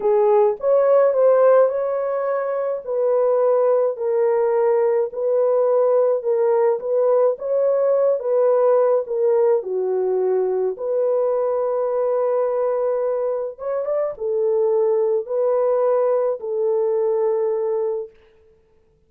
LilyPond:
\new Staff \with { instrumentName = "horn" } { \time 4/4 \tempo 4 = 106 gis'4 cis''4 c''4 cis''4~ | cis''4 b'2 ais'4~ | ais'4 b'2 ais'4 | b'4 cis''4. b'4. |
ais'4 fis'2 b'4~ | b'1 | cis''8 d''8 a'2 b'4~ | b'4 a'2. | }